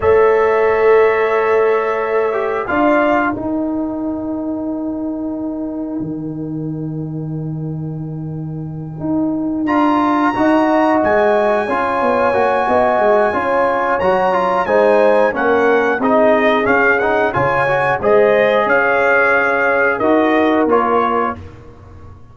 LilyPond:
<<
  \new Staff \with { instrumentName = "trumpet" } { \time 4/4 \tempo 4 = 90 e''1 | f''4 g''2.~ | g''1~ | g''2~ g''8 ais''4.~ |
ais''8 gis''2.~ gis''8~ | gis''4 ais''4 gis''4 fis''4 | dis''4 f''8 fis''8 gis''4 dis''4 | f''2 dis''4 cis''4 | }
  \new Staff \with { instrumentName = "horn" } { \time 4/4 cis''1 | d''4 ais'2.~ | ais'1~ | ais'2.~ ais'8 dis''8~ |
dis''4. cis''4. dis''4 | cis''2 c''4 ais'4 | gis'2 cis''4 c''4 | cis''2 ais'2 | }
  \new Staff \with { instrumentName = "trombone" } { \time 4/4 a'2.~ a'8 g'8 | f'4 dis'2.~ | dis'1~ | dis'2~ dis'8 f'4 fis'8~ |
fis'4. f'4 fis'4. | f'4 fis'8 f'8 dis'4 cis'4 | dis'4 cis'8 dis'8 f'8 fis'8 gis'4~ | gis'2 fis'4 f'4 | }
  \new Staff \with { instrumentName = "tuba" } { \time 4/4 a1 | d'4 dis'2.~ | dis'4 dis2.~ | dis4. dis'4 d'4 dis'8~ |
dis'8 gis4 cis'8 b8 ais8 b8 gis8 | cis'4 fis4 gis4 ais4 | c'4 cis'4 cis4 gis4 | cis'2 dis'4 ais4 | }
>>